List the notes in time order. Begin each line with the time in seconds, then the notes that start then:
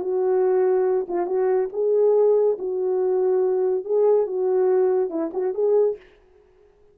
0.00 F#4
1.08 F4
1.26 F#4
1.72 G#4
2.58 F#4
3.85 G#4
4.26 F#4
5.10 E4
5.33 F#4
5.54 G#4